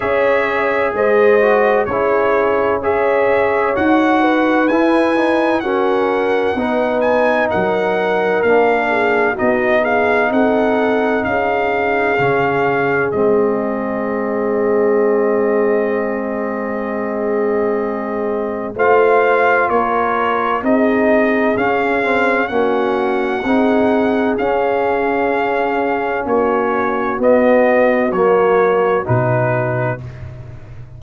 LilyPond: <<
  \new Staff \with { instrumentName = "trumpet" } { \time 4/4 \tempo 4 = 64 e''4 dis''4 cis''4 e''4 | fis''4 gis''4 fis''4. gis''8 | fis''4 f''4 dis''8 f''8 fis''4 | f''2 dis''2~ |
dis''1 | f''4 cis''4 dis''4 f''4 | fis''2 f''2 | cis''4 dis''4 cis''4 b'4 | }
  \new Staff \with { instrumentName = "horn" } { \time 4/4 cis''4 c''4 gis'4 cis''4~ | cis''8 b'4. ais'4 b'4 | ais'4. gis'8 fis'8 gis'8 a'4 | gis'1~ |
gis'1 | c''4 ais'4 gis'2 | fis'4 gis'2. | fis'1 | }
  \new Staff \with { instrumentName = "trombone" } { \time 4/4 gis'4. fis'8 e'4 gis'4 | fis'4 e'8 dis'8 cis'4 dis'4~ | dis'4 d'4 dis'2~ | dis'4 cis'4 c'2~ |
c'1 | f'2 dis'4 cis'8 c'8 | cis'4 dis'4 cis'2~ | cis'4 b4 ais4 dis'4 | }
  \new Staff \with { instrumentName = "tuba" } { \time 4/4 cis'4 gis4 cis'2 | dis'4 e'4 fis'4 b4 | fis4 ais4 b4 c'4 | cis'4 cis4 gis2~ |
gis1 | a4 ais4 c'4 cis'4 | ais4 c'4 cis'2 | ais4 b4 fis4 b,4 | }
>>